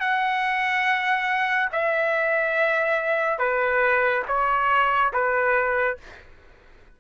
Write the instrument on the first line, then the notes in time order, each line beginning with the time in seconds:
trumpet
0.00 F#5
1.72 E5
3.39 B4
4.28 C#5
5.13 B4